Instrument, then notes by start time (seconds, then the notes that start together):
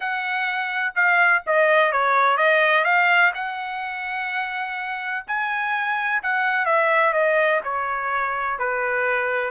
trumpet
0.00 F#5
0.95 F5
1.46 D#5
1.92 C#5
2.37 D#5
2.84 F5
3.34 F#5
5.27 G#5
6.22 F#5
6.65 E5
7.13 D#5
7.64 C#5
8.58 B4